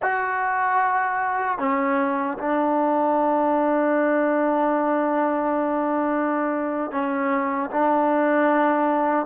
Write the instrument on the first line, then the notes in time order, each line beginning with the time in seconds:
trombone
0.02 F#4
1.58 C#4
2.38 D4
6.91 C#4
7.70 D4